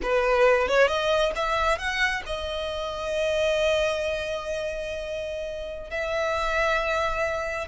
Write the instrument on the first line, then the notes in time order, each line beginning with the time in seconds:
violin
0.02 B4
0.68 C#5
0.87 D#5
1.35 E5
1.78 F#5
2.26 D#5
5.90 E5